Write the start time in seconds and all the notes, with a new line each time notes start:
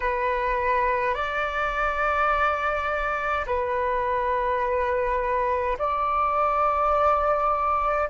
0.00 B4
1.14 D5
3.46 B4
5.78 D5